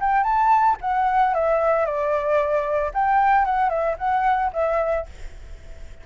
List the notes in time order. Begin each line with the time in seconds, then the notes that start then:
0.00 G5
0.23 A5
0.81 F#5
1.34 E5
1.85 D5
2.93 G5
3.45 F#5
3.69 E5
3.98 F#5
4.53 E5